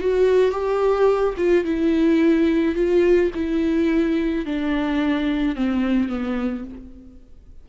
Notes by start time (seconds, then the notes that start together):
0.00 F#4
0.51 G4
1.37 F4
1.65 E4
2.75 F4
3.34 E4
4.46 D4
5.56 C4
6.08 B3